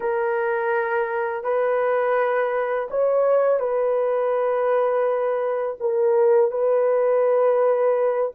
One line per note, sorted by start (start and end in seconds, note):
0.00 1.43 A#4
1.43 2.88 B4
2.90 3.59 C#5
3.59 5.76 B4
5.80 6.51 A#4
6.51 8.32 B4